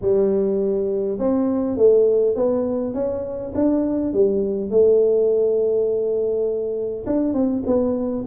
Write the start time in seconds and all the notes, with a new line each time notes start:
0.01 G3
1.18 C4
1.76 A3
2.35 B3
2.94 C#4
3.55 D4
4.13 G3
4.70 A3
7.06 D4
7.33 C4
7.66 B3